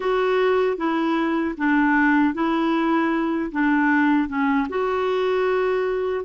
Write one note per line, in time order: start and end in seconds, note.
0.00 0.77 F#4
0.77 1.55 E4
1.57 2.34 D4
2.34 3.51 E4
3.51 4.28 D4
4.28 4.67 C#4
4.69 6.24 F#4